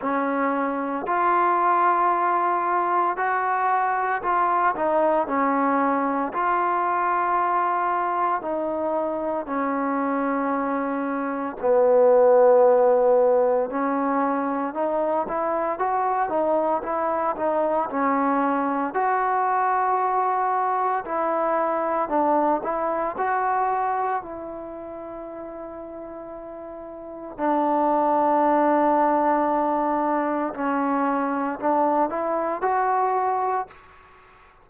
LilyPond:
\new Staff \with { instrumentName = "trombone" } { \time 4/4 \tempo 4 = 57 cis'4 f'2 fis'4 | f'8 dis'8 cis'4 f'2 | dis'4 cis'2 b4~ | b4 cis'4 dis'8 e'8 fis'8 dis'8 |
e'8 dis'8 cis'4 fis'2 | e'4 d'8 e'8 fis'4 e'4~ | e'2 d'2~ | d'4 cis'4 d'8 e'8 fis'4 | }